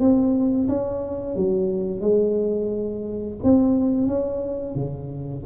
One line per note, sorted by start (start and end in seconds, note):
0.00 0.68 C4
0.69 1.36 C#4
1.36 2.01 F#3
2.01 3.37 G#3
3.43 4.08 C4
4.08 4.75 C#4
4.75 5.44 C#3